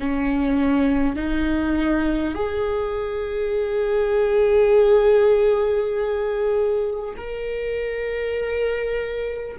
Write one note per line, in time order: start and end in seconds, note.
0.00 1.16 C#4
1.16 2.34 D#4
2.34 7.14 G#4
7.17 9.57 A#4